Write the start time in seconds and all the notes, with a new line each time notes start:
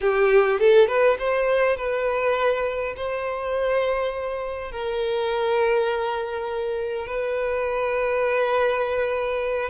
0.01 G4
0.59 A4
0.87 B4
1.18 C5
1.76 B4
2.96 C5
4.71 A#4
7.06 B4